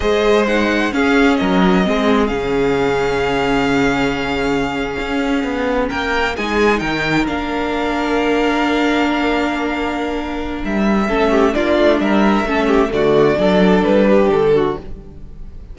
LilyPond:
<<
  \new Staff \with { instrumentName = "violin" } { \time 4/4 \tempo 4 = 130 dis''4 fis''4 f''4 dis''4~ | dis''4 f''2.~ | f''1~ | f''8. g''4 gis''4 g''4 f''16~ |
f''1~ | f''2. e''4~ | e''4 d''4 e''2 | d''2 b'4 a'4 | }
  \new Staff \with { instrumentName = "violin" } { \time 4/4 c''2 gis'4 ais'4 | gis'1~ | gis'1~ | gis'8. ais'4 gis'4 ais'4~ ais'16~ |
ais'1~ | ais'1 | a'8 g'8 f'4 ais'4 a'8 g'8 | fis'4 a'4. g'4 fis'8 | }
  \new Staff \with { instrumentName = "viola" } { \time 4/4 gis'4 dis'4 cis'2 | c'4 cis'2.~ | cis'1~ | cis'4.~ cis'16 dis'2 d'16~ |
d'1~ | d'1 | cis'4 d'2 cis'4 | a4 d'2. | }
  \new Staff \with { instrumentName = "cello" } { \time 4/4 gis2 cis'4 fis4 | gis4 cis2.~ | cis2~ cis8. cis'4 b16~ | b8. ais4 gis4 dis4 ais16~ |
ais1~ | ais2. g4 | a4 ais8 a8 g4 a4 | d4 fis4 g4 d4 | }
>>